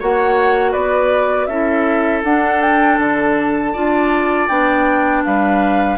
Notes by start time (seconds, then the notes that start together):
0.00 A#3 F#4 C#5 F#5
0.72 B3 B4 D5
1.47 C#4 E4 A4 E5
2.24 D4 F#5
2.61 G5
2.99 D3 A5
3.74 D4 F4 D5
4.48 B3 D4 G5
5.25 G3 B4 F5